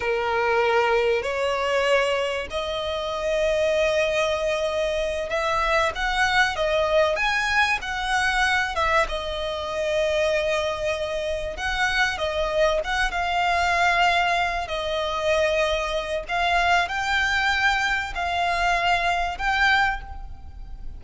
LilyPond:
\new Staff \with { instrumentName = "violin" } { \time 4/4 \tempo 4 = 96 ais'2 cis''2 | dis''1~ | dis''8 e''4 fis''4 dis''4 gis''8~ | gis''8 fis''4. e''8 dis''4.~ |
dis''2~ dis''8 fis''4 dis''8~ | dis''8 fis''8 f''2~ f''8 dis''8~ | dis''2 f''4 g''4~ | g''4 f''2 g''4 | }